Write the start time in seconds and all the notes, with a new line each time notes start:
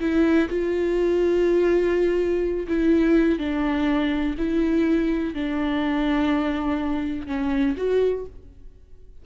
0.00 E4
0.49 F4
2.67 E4
3.38 D4
4.38 E4
5.34 D4
7.27 C#4
7.77 F#4